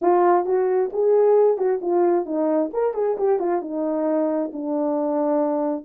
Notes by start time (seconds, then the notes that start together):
0.01 F4
0.45 F#4
0.92 G#4
1.57 F#4
1.81 F4
2.25 D#4
2.73 A#4
2.94 G#4
3.17 G4
3.39 F4
3.61 D#4
4.52 D4